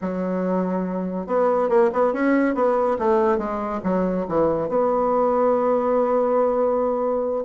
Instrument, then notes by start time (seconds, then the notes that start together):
bassoon
0.01 F#3
1.26 B3
1.69 A#3
1.92 B3
2.13 C#4
2.54 B3
2.99 A3
3.38 G#3
3.83 F#3
4.28 E3
4.68 B3